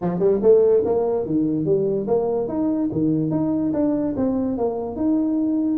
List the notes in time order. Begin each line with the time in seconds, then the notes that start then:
0.01 F3
0.19 G3
0.42 A3
0.85 A#3
1.25 D#3
1.65 G3
2.07 A#3
2.48 D#4
2.92 D#3
3.30 D#4
3.73 D4
4.16 C4
4.57 A#3
4.95 D#4